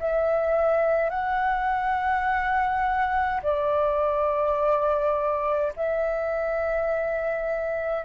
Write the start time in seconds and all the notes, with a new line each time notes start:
0.00 E5
1.10 F#5
3.42 D5
5.76 E5